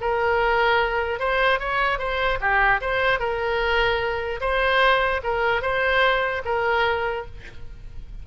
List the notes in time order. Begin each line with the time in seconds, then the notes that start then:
0.00 A#4
1.19 C5
1.59 C#5
1.98 C5
2.40 G4
2.80 C5
3.19 A#4
4.40 C5
5.23 A#4
5.61 C5
6.45 A#4